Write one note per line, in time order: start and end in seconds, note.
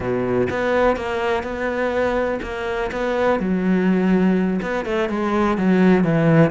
0.00 0.48 B2
0.50 0.96 B3
0.96 1.43 A#3
1.43 2.40 B3
2.42 2.90 A#3
2.91 3.39 B3
3.39 4.60 F#3
4.62 4.85 B3
4.85 5.09 A3
5.09 5.57 G#3
5.57 6.04 F#3
6.04 6.50 E3